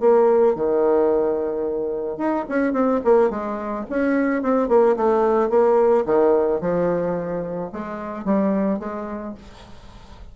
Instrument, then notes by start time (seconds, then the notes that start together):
bassoon
0.00 A#3
0.55 D#3
2.17 D#4
2.49 C#4
2.73 C4
3.04 A#3
3.30 G#3
3.89 C#4
4.42 C4
4.68 A#3
4.96 A3
5.50 A#3
6.06 D#3
6.61 F3
7.72 G#3
8.25 G3
8.79 G#3